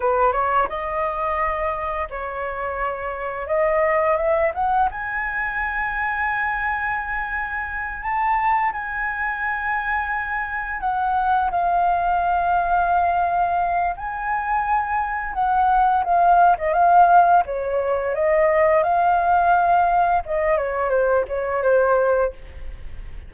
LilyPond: \new Staff \with { instrumentName = "flute" } { \time 4/4 \tempo 4 = 86 b'8 cis''8 dis''2 cis''4~ | cis''4 dis''4 e''8 fis''8 gis''4~ | gis''2.~ gis''8 a''8~ | a''8 gis''2. fis''8~ |
fis''8 f''2.~ f''8 | gis''2 fis''4 f''8. dis''16 | f''4 cis''4 dis''4 f''4~ | f''4 dis''8 cis''8 c''8 cis''8 c''4 | }